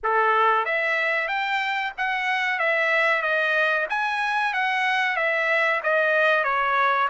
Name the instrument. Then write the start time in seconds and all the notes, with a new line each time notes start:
trumpet
0.03 A4
0.65 E5
1.27 G5
1.97 F#5
2.59 E5
3.22 D#5
3.89 G#5
4.53 F#5
5.16 E5
5.83 D#5
6.43 C#5